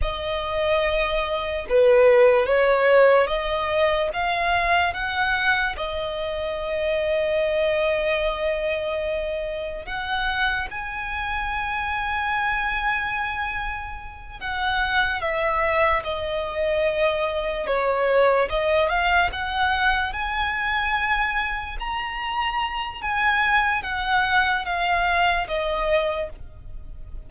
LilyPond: \new Staff \with { instrumentName = "violin" } { \time 4/4 \tempo 4 = 73 dis''2 b'4 cis''4 | dis''4 f''4 fis''4 dis''4~ | dis''1 | fis''4 gis''2.~ |
gis''4. fis''4 e''4 dis''8~ | dis''4. cis''4 dis''8 f''8 fis''8~ | fis''8 gis''2 ais''4. | gis''4 fis''4 f''4 dis''4 | }